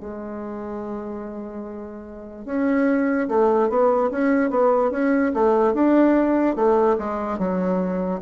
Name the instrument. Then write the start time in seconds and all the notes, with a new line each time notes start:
bassoon
0.00 G#3
2.46 C#4
3.28 A3
3.69 B3
4.11 C#4
4.50 B3
4.91 C#4
5.34 A3
5.74 D4
6.56 A3
6.99 G#3
7.39 F#3